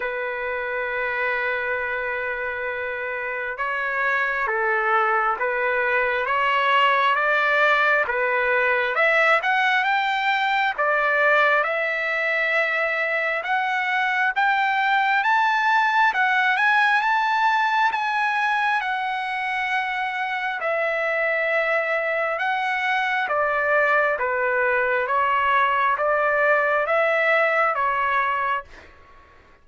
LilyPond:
\new Staff \with { instrumentName = "trumpet" } { \time 4/4 \tempo 4 = 67 b'1 | cis''4 a'4 b'4 cis''4 | d''4 b'4 e''8 fis''8 g''4 | d''4 e''2 fis''4 |
g''4 a''4 fis''8 gis''8 a''4 | gis''4 fis''2 e''4~ | e''4 fis''4 d''4 b'4 | cis''4 d''4 e''4 cis''4 | }